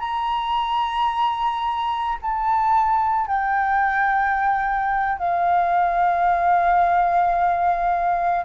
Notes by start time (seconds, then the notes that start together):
0.00 A#5
2.22 A5
3.27 G5
5.19 F5